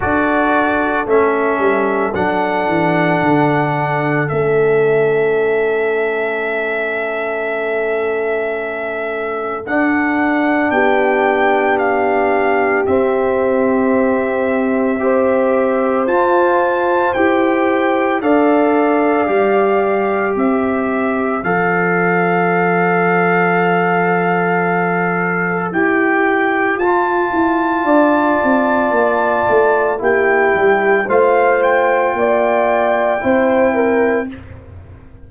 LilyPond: <<
  \new Staff \with { instrumentName = "trumpet" } { \time 4/4 \tempo 4 = 56 d''4 e''4 fis''2 | e''1~ | e''4 fis''4 g''4 f''4 | e''2. a''4 |
g''4 f''2 e''4 | f''1 | g''4 a''2. | g''4 f''8 g''2~ g''8 | }
  \new Staff \with { instrumentName = "horn" } { \time 4/4 a'1~ | a'1~ | a'2 g'2~ | g'2 c''2~ |
c''4 d''2 c''4~ | c''1~ | c''2 d''2 | g'4 c''4 d''4 c''8 ais'8 | }
  \new Staff \with { instrumentName = "trombone" } { \time 4/4 fis'4 cis'4 d'2 | cis'1~ | cis'4 d'2. | c'2 g'4 f'4 |
g'4 a'4 g'2 | a'1 | g'4 f'2. | e'4 f'2 e'4 | }
  \new Staff \with { instrumentName = "tuba" } { \time 4/4 d'4 a8 g8 fis8 e8 d4 | a1~ | a4 d'4 b2 | c'2. f'4 |
e'4 d'4 g4 c'4 | f1 | e'4 f'8 e'8 d'8 c'8 ais8 a8 | ais8 g8 a4 ais4 c'4 | }
>>